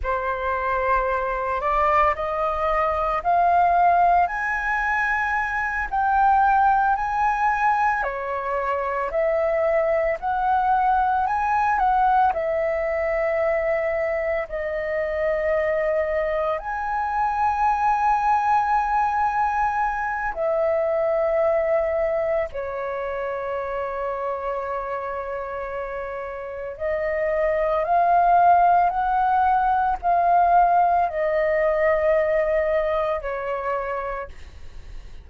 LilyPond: \new Staff \with { instrumentName = "flute" } { \time 4/4 \tempo 4 = 56 c''4. d''8 dis''4 f''4 | gis''4. g''4 gis''4 cis''8~ | cis''8 e''4 fis''4 gis''8 fis''8 e''8~ | e''4. dis''2 gis''8~ |
gis''2. e''4~ | e''4 cis''2.~ | cis''4 dis''4 f''4 fis''4 | f''4 dis''2 cis''4 | }